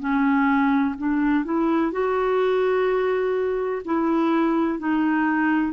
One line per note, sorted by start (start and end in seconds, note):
0.00 0.95 C#4
0.98 1.45 D4
1.45 1.92 E4
1.92 3.83 F#4
3.85 4.79 E4
4.79 5.73 D#4